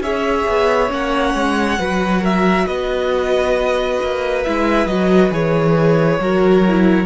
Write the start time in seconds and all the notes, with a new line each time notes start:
0.00 C#4 G#4 C#5 E5
0.49 B3
0.88 A#3 C#4 F#5
1.34 G#3
1.78 F#3 F#4 B4
2.21 A#4 E5
2.66 B3 B4 D#5
4.02 A#3
4.43 G#3 E4 E5
4.86 F#3 F#4 D#5
5.31 E3 G#4 C#5
6.19 F#3 F#4 A#4
6.67 E4